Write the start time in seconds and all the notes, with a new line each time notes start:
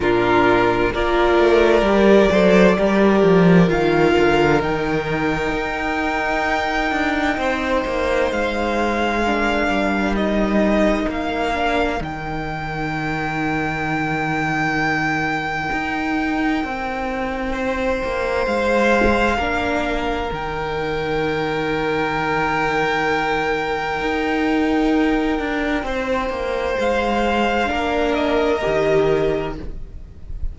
0.00 A#2 D4 F4 A#4
0.92 A#3 F4 A#4 D5
1.38 A3
1.82 G3 G4
2.31 F#3 A4 C5
2.76 G3 G4 A#4
3.22 F3
3.67 D#3 F4 F5
4.18 D3
4.60 D#3 D#4 G5
5.52 D#4
6.91 D4
7.37 C4 C5
7.85 A#3
8.31 G#3 F5
9.22 D4 A#4
9.67 G3
10.15 D#4 D#5
11.07 A#3 F5
11.53 D4
11.98 D#3 D#4 G5
15.72 D#4
16.63 C4
17.52 C5
18.03 A#3
18.45 G#3 F5
19.37 A#3 D4 A#4
20.30 D#3 D#4 G5
24.00 D#4
25.38 D4
25.83 C4 C5
26.29 A#3
26.79 G#3 F5
27.65 A#3 D4 A#4
28.14 D#5
28.60 D#3 G4